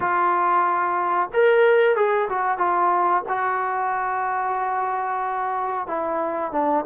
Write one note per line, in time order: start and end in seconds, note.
0.00 1.29 F4
1.33 1.96 A#4
1.96 2.28 G#4
2.29 2.58 F#4
2.58 3.23 F4
3.28 5.87 F#4
5.87 6.52 E4
6.52 6.84 D4